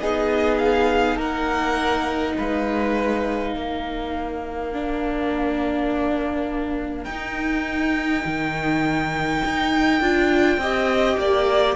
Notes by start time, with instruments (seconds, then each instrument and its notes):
0.00 cello B3, viola D#4, violin G#4 D#5
0.59 violin F5
1.16 cello A#3, violin A#4 F#5
2.38 cello G#3, violin B4 F5
3.53 cello A#3, violin A#4
4.73 viola D4
7.04 cello D#4, violin G5
7.11 viola D#4
8.25 cello D#3
9.45 cello D#4
10.01 cello D4, viola F4
10.58 cello C4, viola G4, violin D#5
11.18 cello A#3, violin D5